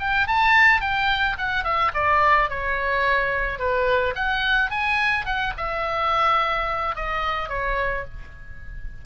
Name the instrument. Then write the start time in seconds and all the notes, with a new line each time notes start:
oboe
0.00 G5
0.27 A5
0.81 G5
1.38 F#5
1.64 E5
1.94 D5
2.50 C#5
3.59 B4
4.15 F#5
4.71 G#5
5.26 F#5
5.57 E5
6.96 D#5
7.49 C#5